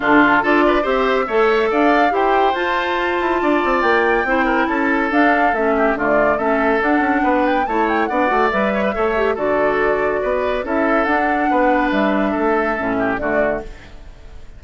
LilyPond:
<<
  \new Staff \with { instrumentName = "flute" } { \time 4/4 \tempo 4 = 141 a'4 d''4 e''2 | f''4 g''4 a''2~ | a''4 g''2 a''4 | f''4 e''4 d''4 e''4 |
fis''4. g''8 a''8 g''8 fis''4 | e''2 d''2~ | d''4 e''4 fis''2 | e''2. d''4 | }
  \new Staff \with { instrumentName = "oboe" } { \time 4/4 f'4 a'8 b'8 c''4 cis''4 | d''4 c''2. | d''2 c''8 ais'8 a'4~ | a'4. g'8 f'4 a'4~ |
a'4 b'4 cis''4 d''4~ | d''8 cis''16 b'16 cis''4 a'2 | b'4 a'2 b'4~ | b'4 a'4. g'8 fis'4 | }
  \new Staff \with { instrumentName = "clarinet" } { \time 4/4 d'4 f'4 g'4 a'4~ | a'4 g'4 f'2~ | f'2 e'2 | d'4 cis'4 a4 cis'4 |
d'2 e'4 d'8 fis'8 | b'4 a'8 g'8 fis'2~ | fis'4 e'4 d'2~ | d'2 cis'4 a4 | }
  \new Staff \with { instrumentName = "bassoon" } { \time 4/4 d4 d'4 c'4 a4 | d'4 e'4 f'4. e'8 | d'8 c'8 ais4 c'4 cis'4 | d'4 a4 d4 a4 |
d'8 cis'8 b4 a4 b8 a8 | g4 a4 d2 | b4 cis'4 d'4 b4 | g4 a4 a,4 d4 | }
>>